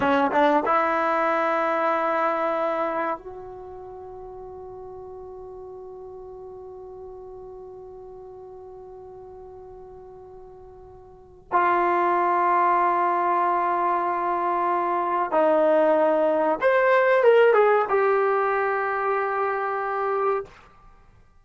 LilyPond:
\new Staff \with { instrumentName = "trombone" } { \time 4/4 \tempo 4 = 94 cis'8 d'8 e'2.~ | e'4 fis'2.~ | fis'1~ | fis'1~ |
fis'2 f'2~ | f'1 | dis'2 c''4 ais'8 gis'8 | g'1 | }